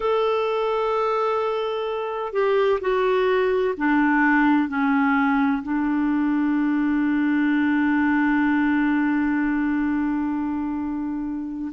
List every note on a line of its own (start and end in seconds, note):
0.00 2.32 A4
2.32 2.79 G4
2.80 3.74 F#4
3.77 4.68 D4
4.68 5.62 C#4
5.62 11.72 D4